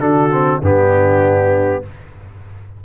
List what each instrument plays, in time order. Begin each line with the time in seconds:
0.00 tuba D3, trombone D4, horn F#4, trumpet A4
0.32 trombone C4
0.61 tuba G2, trombone B3, horn D4, trumpet G4